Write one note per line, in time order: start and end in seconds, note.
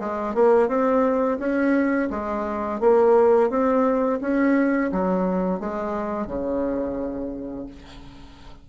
0.00 0.35 G#3
0.35 0.69 A#3
0.69 1.39 C4
1.40 2.09 C#4
2.11 2.81 G#3
2.81 3.50 A#3
3.50 4.20 C4
4.21 4.91 C#4
4.92 5.60 F#3
5.60 6.27 G#3
6.27 7.67 C#3